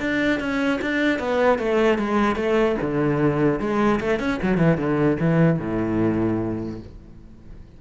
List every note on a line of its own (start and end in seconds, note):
0.00 0.40 D4
0.40 0.80 C#4
0.81 1.19 D4
1.19 1.58 B3
1.58 1.98 A3
1.98 2.36 G#3
2.36 2.76 A3
2.81 3.59 D3
3.59 3.99 G#3
4.00 4.19 A3
4.19 4.39 C#4
4.42 4.57 F#3
4.57 4.77 E3
4.77 5.17 D3
5.20 5.59 E3
5.59 6.79 A2